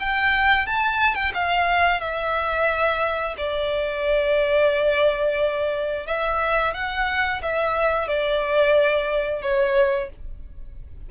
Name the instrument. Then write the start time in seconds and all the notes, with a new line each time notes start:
violin
0.00 G5
0.67 A5
1.15 G5
1.35 F5
2.01 E5
3.38 D5
6.07 E5
6.74 F#5
7.43 E5
8.08 D5
9.42 C#5